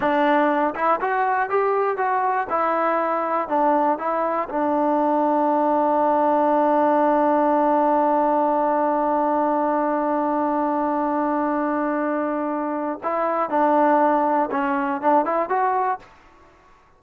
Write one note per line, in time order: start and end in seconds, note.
0.00 0.74 D4
0.75 1.00 E4
1.00 1.49 F#4
1.49 1.97 G4
1.97 2.47 F#4
2.49 3.48 E4
3.48 3.98 D4
3.98 4.48 E4
4.49 12.99 D4
13.03 13.49 E4
13.49 14.49 D4
14.51 15.01 C#4
15.01 15.25 D4
15.25 15.49 E4
15.49 15.99 F#4